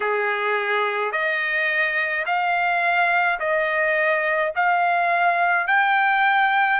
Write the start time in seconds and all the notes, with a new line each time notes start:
0.00 G#4
1.12 D#5
2.25 F5
3.39 D#5
4.55 F5
5.67 G5